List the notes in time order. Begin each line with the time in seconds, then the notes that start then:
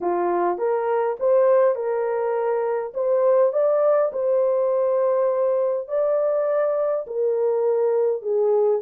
0.00 F4
0.58 A#4
1.19 C5
1.75 A#4
2.94 C5
3.52 D5
4.12 C5
5.88 D5
7.06 A#4
8.22 G#4